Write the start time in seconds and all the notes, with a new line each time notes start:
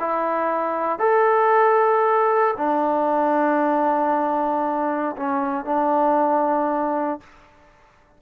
0.00 E4
0.99 A4
2.57 D4
5.17 C#4
5.65 D4